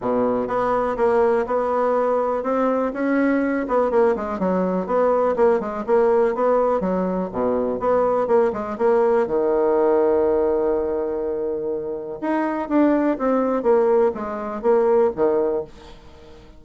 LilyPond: \new Staff \with { instrumentName = "bassoon" } { \time 4/4 \tempo 4 = 123 b,4 b4 ais4 b4~ | b4 c'4 cis'4. b8 | ais8 gis8 fis4 b4 ais8 gis8 | ais4 b4 fis4 b,4 |
b4 ais8 gis8 ais4 dis4~ | dis1~ | dis4 dis'4 d'4 c'4 | ais4 gis4 ais4 dis4 | }